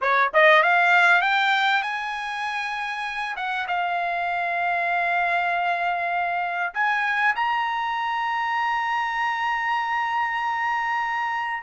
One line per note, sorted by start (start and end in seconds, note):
0.01 0.31 C#5
0.33 0.62 D#5
0.62 1.21 F5
1.21 1.82 G5
1.82 3.35 G#5
3.36 3.67 F#5
3.67 6.73 F5
6.73 7.35 G#5
7.35 11.62 A#5